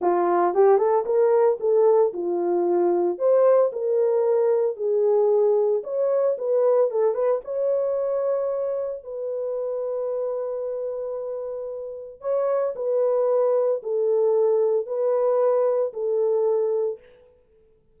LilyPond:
\new Staff \with { instrumentName = "horn" } { \time 4/4 \tempo 4 = 113 f'4 g'8 a'8 ais'4 a'4 | f'2 c''4 ais'4~ | ais'4 gis'2 cis''4 | b'4 a'8 b'8 cis''2~ |
cis''4 b'2.~ | b'2. cis''4 | b'2 a'2 | b'2 a'2 | }